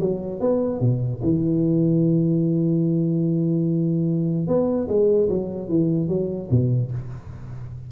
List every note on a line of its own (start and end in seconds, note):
0.00 0.40 F#3
0.40 0.80 B3
0.80 1.21 B2
1.23 4.47 E3
4.47 4.87 B3
4.88 5.28 G#3
5.29 5.68 F#3
5.68 6.08 E3
6.08 6.48 F#3
6.50 6.91 B2